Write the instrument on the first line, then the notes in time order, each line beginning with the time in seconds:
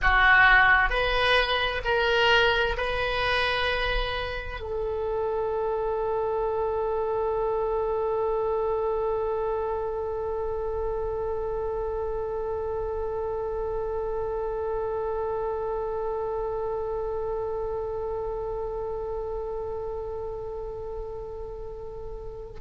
oboe
0.02 F#4
0.89 B4
1.84 A#4
2.77 B4
4.60 A4